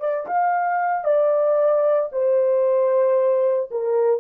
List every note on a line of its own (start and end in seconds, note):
0.00 0.26 D5
0.27 1.05 F5
1.05 2.10 D5
2.12 3.70 C5
3.71 4.21 A#4